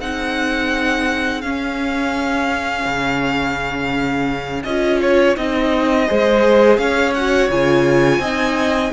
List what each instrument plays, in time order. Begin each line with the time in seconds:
0.00 cello C4, viola D#4, violin G#4 F#5
1.42 cello C#4, viola C#4, violin F5
2.86 cello C#3
4.64 cello C#4, viola F4, violin D#5
5.02 violin C#5
5.37 cello C4, viola D#4, violin D#5
6.07 cello G#3, viola G#4, violin C5
6.78 cello C#4, violin C#5 F5
7.14 viola F#4, violin F#5
7.50 cello C#3, viola F4, violin G#5
8.19 cello C4, viola D#4, violin D#5